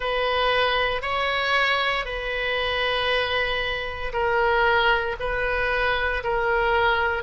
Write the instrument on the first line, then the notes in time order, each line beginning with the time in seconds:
oboe
0.00 B4
1.02 C#5
2.05 B4
4.12 A#4
5.19 B4
6.23 A#4